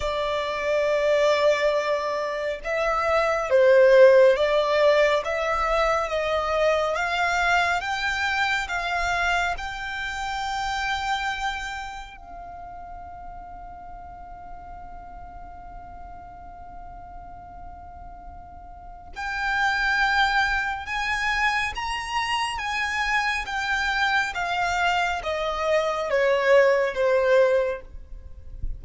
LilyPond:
\new Staff \with { instrumentName = "violin" } { \time 4/4 \tempo 4 = 69 d''2. e''4 | c''4 d''4 e''4 dis''4 | f''4 g''4 f''4 g''4~ | g''2 f''2~ |
f''1~ | f''2 g''2 | gis''4 ais''4 gis''4 g''4 | f''4 dis''4 cis''4 c''4 | }